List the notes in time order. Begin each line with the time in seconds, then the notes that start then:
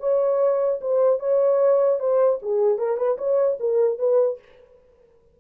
0.00 C#5
0.81 C5
1.20 C#5
2.00 C5
2.43 G#4
2.79 A#4
2.97 B4
3.18 C#5
3.60 A#4
3.99 B4